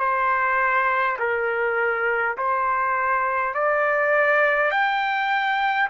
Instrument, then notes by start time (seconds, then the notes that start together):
trumpet
0.00 C5
1.19 A#4
2.37 C5
3.55 D5
4.71 G5